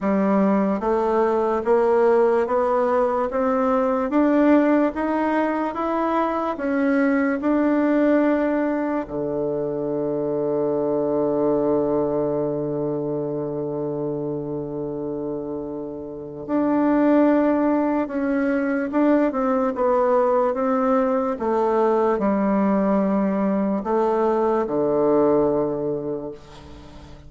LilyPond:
\new Staff \with { instrumentName = "bassoon" } { \time 4/4 \tempo 4 = 73 g4 a4 ais4 b4 | c'4 d'4 dis'4 e'4 | cis'4 d'2 d4~ | d1~ |
d1 | d'2 cis'4 d'8 c'8 | b4 c'4 a4 g4~ | g4 a4 d2 | }